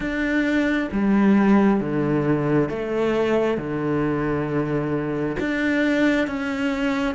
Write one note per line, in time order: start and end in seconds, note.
0.00 0.88 D4
0.92 1.80 G3
1.80 2.69 D3
2.69 3.57 A3
3.57 5.36 D3
5.39 6.27 D4
6.27 7.14 C#4